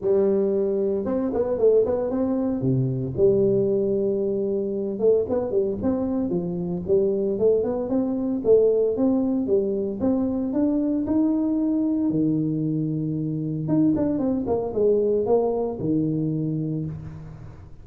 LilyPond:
\new Staff \with { instrumentName = "tuba" } { \time 4/4 \tempo 4 = 114 g2 c'8 b8 a8 b8 | c'4 c4 g2~ | g4. a8 b8 g8 c'4 | f4 g4 a8 b8 c'4 |
a4 c'4 g4 c'4 | d'4 dis'2 dis4~ | dis2 dis'8 d'8 c'8 ais8 | gis4 ais4 dis2 | }